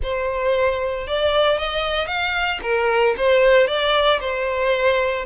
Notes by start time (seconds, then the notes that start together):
0.02 C5
1.07 D5
1.58 D#5
2.07 F5
2.62 A#4
3.17 C5
3.67 D5
4.20 C5